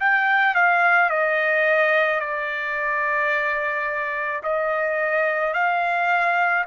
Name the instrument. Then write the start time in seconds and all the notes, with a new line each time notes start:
trumpet
0.00 G5
0.55 F5
1.10 D#5
2.20 D5
4.43 D#5
5.54 F5